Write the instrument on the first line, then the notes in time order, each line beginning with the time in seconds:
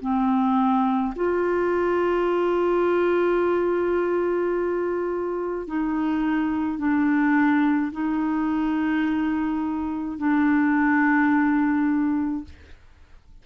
clarinet
0.00 C4
1.15 F4
5.67 D#4
6.78 D4
7.92 D#4
10.18 D4